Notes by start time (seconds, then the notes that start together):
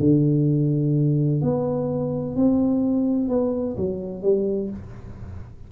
0.00 D3
1.42 B3
2.36 C4
3.29 B3
3.77 F#3
4.23 G3